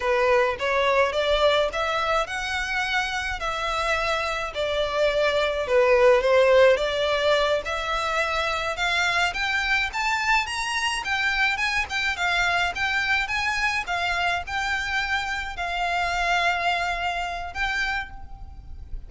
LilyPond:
\new Staff \with { instrumentName = "violin" } { \time 4/4 \tempo 4 = 106 b'4 cis''4 d''4 e''4 | fis''2 e''2 | d''2 b'4 c''4 | d''4. e''2 f''8~ |
f''8 g''4 a''4 ais''4 g''8~ | g''8 gis''8 g''8 f''4 g''4 gis''8~ | gis''8 f''4 g''2 f''8~ | f''2. g''4 | }